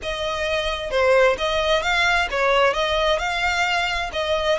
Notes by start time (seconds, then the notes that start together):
0.02 D#5
0.90 C5
1.37 D#5
1.82 F5
2.30 C#5
2.73 D#5
3.18 F5
4.12 D#5